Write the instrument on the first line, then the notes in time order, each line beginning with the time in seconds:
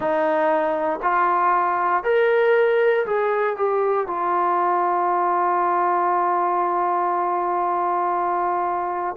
trombone
0.00 D#4
1.02 F4
2.03 A#4
3.06 G#4
3.56 G4
4.07 F4